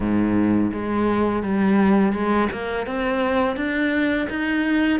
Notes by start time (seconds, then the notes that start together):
0.00 G#2
0.72 G#3
1.43 G3
2.12 G#3
2.52 A#3
2.86 C4
3.56 D4
4.29 D#4